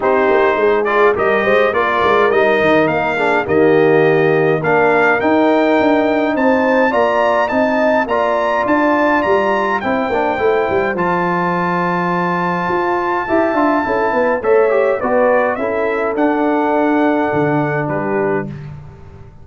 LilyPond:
<<
  \new Staff \with { instrumentName = "trumpet" } { \time 4/4 \tempo 4 = 104 c''4. d''8 dis''4 d''4 | dis''4 f''4 dis''2 | f''4 g''2 a''4 | ais''4 a''4 ais''4 a''4 |
ais''4 g''2 a''4~ | a''1~ | a''4 e''4 d''4 e''4 | fis''2. b'4 | }
  \new Staff \with { instrumentName = "horn" } { \time 4/4 g'4 gis'4 ais'8 c''8 ais'4~ | ais'4. gis'8 g'2 | ais'2. c''4 | d''4 dis''4 d''2~ |
d''4 c''2.~ | c''2. e''4 | a'8 b'8 cis''4 b'4 a'4~ | a'2. g'4 | }
  \new Staff \with { instrumentName = "trombone" } { \time 4/4 dis'4. f'8 g'4 f'4 | dis'4. d'8 ais2 | d'4 dis'2. | f'4 dis'4 f'2~ |
f'4 e'8 d'8 e'4 f'4~ | f'2. g'8 f'8 | e'4 a'8 g'8 fis'4 e'4 | d'1 | }
  \new Staff \with { instrumentName = "tuba" } { \time 4/4 c'8 ais8 gis4 g8 gis8 ais8 gis8 | g8 dis8 ais4 dis2 | ais4 dis'4 d'4 c'4 | ais4 c'4 ais4 d'4 |
g4 c'8 ais8 a8 g8 f4~ | f2 f'4 e'8 d'8 | cis'8 b8 a4 b4 cis'4 | d'2 d4 g4 | }
>>